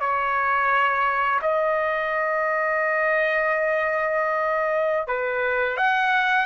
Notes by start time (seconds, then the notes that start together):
0.00 C#5
1.41 D#5
5.07 B4
5.77 F#5